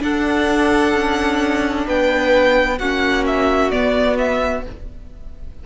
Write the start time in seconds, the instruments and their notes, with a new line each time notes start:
0.00 viola D4, cello D4, violin A4 F#5
0.94 cello C#4
1.87 cello B3, violin B4 G5
2.78 cello A#3, viola C#4, violin F#4 F#5
3.27 violin E5
3.71 viola B3, cello B3, violin D5
4.18 violin E5